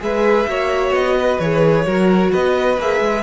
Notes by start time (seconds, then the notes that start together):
0.00 G#3 G#4 B4 E5
0.48 A#3 F#4 C#5
0.92 B3 D#5
1.17 B4
1.40 E3 G#4 C#5
1.86 F#3 F#4 A#4
2.32 B3 B4 D#5
2.78 A#3 G#4 E5
3.00 G#3